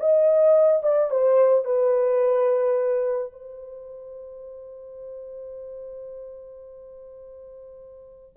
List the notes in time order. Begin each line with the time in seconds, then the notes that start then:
0.00 D#5
0.83 D5
1.11 C5
1.65 B4
3.33 C5